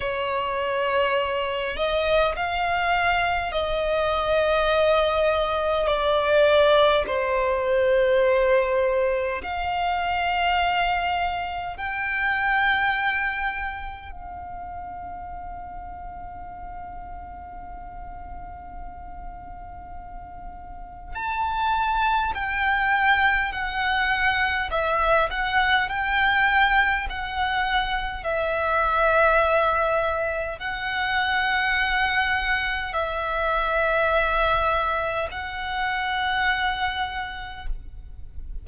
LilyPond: \new Staff \with { instrumentName = "violin" } { \time 4/4 \tempo 4 = 51 cis''4. dis''8 f''4 dis''4~ | dis''4 d''4 c''2 | f''2 g''2 | f''1~ |
f''2 a''4 g''4 | fis''4 e''8 fis''8 g''4 fis''4 | e''2 fis''2 | e''2 fis''2 | }